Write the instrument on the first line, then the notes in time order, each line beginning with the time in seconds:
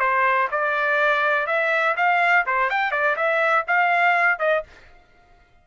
trumpet
0.00 C5
0.52 D5
1.47 E5
1.97 F5
2.47 C5
2.70 G5
2.92 D5
3.17 E5
3.68 F5
4.39 D#5